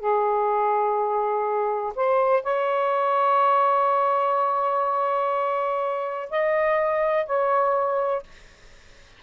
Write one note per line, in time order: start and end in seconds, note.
0.00 1.94 G#4
1.96 2.43 C5
2.43 6.30 C#5
6.30 7.26 D#5
7.26 8.23 C#5